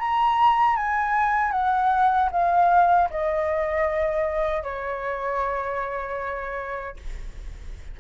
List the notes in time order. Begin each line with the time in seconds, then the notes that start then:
0.00 A#5
0.77 G#5
1.52 F#5
2.32 F5
3.10 D#5
4.63 C#5